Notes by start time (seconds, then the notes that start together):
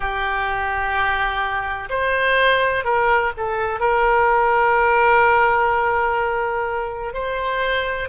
0.00 G4
1.89 C5
2.84 A#4
3.37 A4
3.80 A#4
7.13 C5